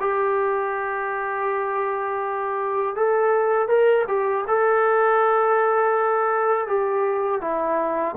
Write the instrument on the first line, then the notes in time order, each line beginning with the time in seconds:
trombone
0.00 G4
2.95 A4
3.68 A#4
4.08 G4
4.47 A4
6.67 G4
7.41 E4